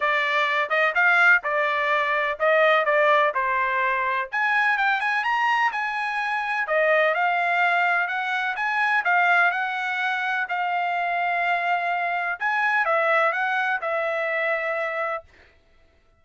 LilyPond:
\new Staff \with { instrumentName = "trumpet" } { \time 4/4 \tempo 4 = 126 d''4. dis''8 f''4 d''4~ | d''4 dis''4 d''4 c''4~ | c''4 gis''4 g''8 gis''8 ais''4 | gis''2 dis''4 f''4~ |
f''4 fis''4 gis''4 f''4 | fis''2 f''2~ | f''2 gis''4 e''4 | fis''4 e''2. | }